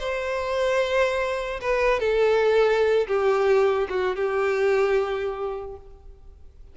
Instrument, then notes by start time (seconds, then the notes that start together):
violin
0.00 C5
1.61 B4
2.00 A4
3.08 G4
3.90 F#4
4.16 G4